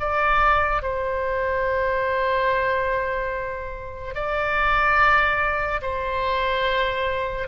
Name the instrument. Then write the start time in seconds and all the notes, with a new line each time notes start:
oboe
0.00 D5
0.83 C5
4.15 D5
5.82 C5